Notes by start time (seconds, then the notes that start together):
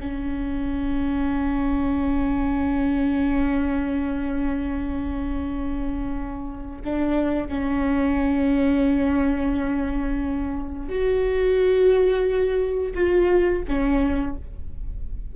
0.00 C#4
6.84 D4
7.48 C#4
10.89 F#4
12.94 F4
13.68 C#4